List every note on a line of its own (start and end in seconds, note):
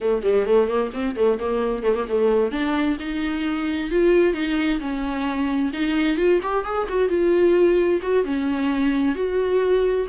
0.01 0.22 A3
0.22 0.45 G3
0.46 0.68 A3
0.68 0.91 A#3
0.93 1.16 C4
1.16 1.38 A3
1.39 1.83 A#3
1.83 1.94 A3
1.95 2.06 A#3
2.08 2.51 A3
2.51 2.97 D4
2.99 3.90 D#4
3.90 4.33 F4
4.33 4.79 D#4
4.80 5.71 C#4
5.73 6.17 D#4
6.17 6.40 F4
6.42 6.64 G4
6.64 6.87 G#4
6.88 7.08 F#4
7.08 8.00 F4
8.02 8.24 F#4
8.24 9.15 C#4
9.15 10.07 F#4